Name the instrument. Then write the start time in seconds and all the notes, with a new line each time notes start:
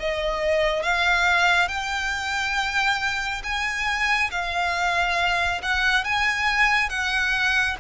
violin
0.00 D#5
0.83 F5
1.68 G5
3.43 G#5
4.31 F5
5.62 F#5
6.04 G#5
6.89 F#5